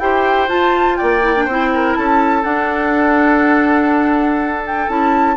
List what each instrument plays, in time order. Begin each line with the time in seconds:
0.00 bassoon E4, clarinet G4, oboe C5, flute G5
0.48 clarinet F4, bassoon F4, flute A5
0.97 bassoon A#3, oboe D5, flute G5
1.23 clarinet E4
1.36 clarinet D4
1.45 bassoon C4, clarinet E4, oboe C5
1.74 oboe A#4
1.95 bassoon C#4, oboe A4, flute A5
2.44 clarinet D4, bassoon D4, flute F#5
4.67 flute G5
4.88 bassoon C#4, clarinet E4, flute A5